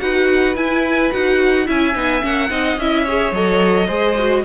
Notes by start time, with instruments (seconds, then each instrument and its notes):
0.00 cello D#4, viola F#4, violin B4 F#5
0.56 cello E4, viola E4, violin G#5
1.12 cello D#4, viola F#4, violin F#5
1.66 cello C#4, viola E4, violin E5 G#5
1.95 cello B3, viola D#4
2.22 cello A#3, viola C#4, violin F#5
2.50 cello C4, viola D#4, violin D#5
2.77 cello C#4, viola E4, violin E5
3.05 viola G#4, violin C#5
3.32 cello F#3, viola A4, violin D#5
3.87 cello G#3, viola G#4, violin C5
4.19 viola F#4